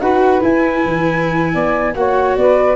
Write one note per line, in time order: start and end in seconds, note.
0.00 0.41 D#4
0.00 0.41 F#4
0.00 1.53 B4
0.00 0.41 F#5
0.41 1.94 E4
0.41 0.84 E4
0.41 1.95 G#5
0.85 1.55 E3
1.53 1.95 B3
1.53 1.94 D5
1.95 2.36 A#3
1.95 2.76 F#4
1.95 2.39 C#5
1.95 2.36 F#5
2.36 2.76 B3
2.36 2.76 B4
2.36 2.76 D5